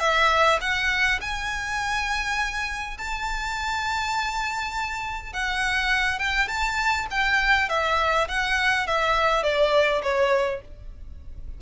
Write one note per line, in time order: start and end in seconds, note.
0.00 0.59 E5
0.61 1.20 F#5
1.21 2.98 G#5
2.98 5.33 A5
5.33 6.19 F#5
6.19 6.48 G5
6.48 7.07 A5
7.11 7.69 G5
7.69 8.28 E5
8.28 8.87 F#5
8.87 9.43 E5
9.43 10.02 D5
10.02 10.61 C#5